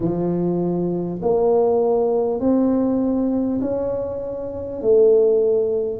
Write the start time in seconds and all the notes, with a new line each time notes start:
0.00 F3
1.22 A#3
2.39 C4
3.61 C#4
4.81 A3